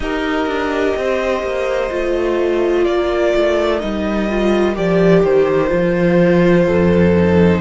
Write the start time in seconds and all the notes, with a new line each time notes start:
0.00 D#4 G4 A#4 D#5
0.46 D4
0.96 C4 C5
1.42 A#3
1.89 A3 F4
2.84 A#3 A#4 D5
3.35 A3
3.80 G3 D#4 D#5
4.29 F4
4.75 F3 G4 D5
5.23 D#3 C5
5.67 F3 F4
6.66 F2 A4
7.16 D#4